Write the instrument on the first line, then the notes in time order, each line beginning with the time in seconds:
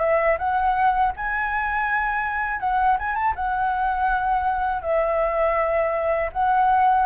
flute
0.00 E5
0.39 F#5
1.16 G#5
2.60 F#5
2.99 G#5
3.15 A5
3.36 F#5
4.82 E5
6.32 F#5